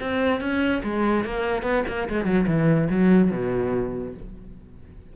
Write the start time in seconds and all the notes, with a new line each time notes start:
0.00 C4
0.40 C#4
0.83 G#3
1.24 A#3
1.62 B3
1.88 A#3
2.09 G#3
2.25 F#3
2.47 E3
2.90 F#3
3.31 B2